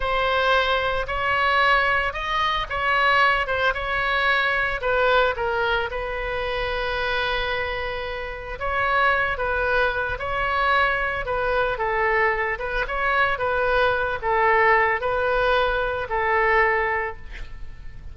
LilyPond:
\new Staff \with { instrumentName = "oboe" } { \time 4/4 \tempo 4 = 112 c''2 cis''2 | dis''4 cis''4. c''8 cis''4~ | cis''4 b'4 ais'4 b'4~ | b'1 |
cis''4. b'4. cis''4~ | cis''4 b'4 a'4. b'8 | cis''4 b'4. a'4. | b'2 a'2 | }